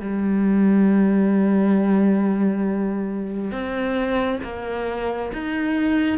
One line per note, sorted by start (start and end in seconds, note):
0.00 3.51 G3
3.51 4.40 C4
4.43 5.31 A#3
5.33 6.18 D#4